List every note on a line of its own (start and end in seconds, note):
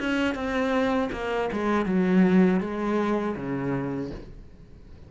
0.00 0.35 C#4
0.35 1.10 C4
1.12 1.50 A#3
1.53 1.86 G#3
1.86 2.61 F#3
2.61 3.36 G#3
3.36 4.11 C#3